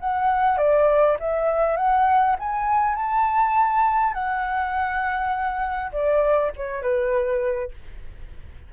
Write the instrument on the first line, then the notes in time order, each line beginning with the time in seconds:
flute
0.00 F#5
0.58 D5
1.20 E5
1.77 F#5
2.39 G#5
2.95 A5
4.13 F#5
5.92 D5
6.56 C#5
6.82 B4